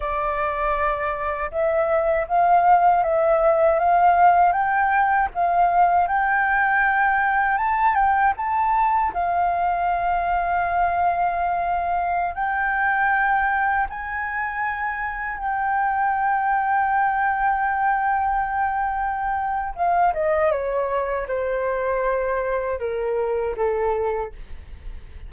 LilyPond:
\new Staff \with { instrumentName = "flute" } { \time 4/4 \tempo 4 = 79 d''2 e''4 f''4 | e''4 f''4 g''4 f''4 | g''2 a''8 g''8 a''4 | f''1~ |
f''16 g''2 gis''4.~ gis''16~ | gis''16 g''2.~ g''8.~ | g''2 f''8 dis''8 cis''4 | c''2 ais'4 a'4 | }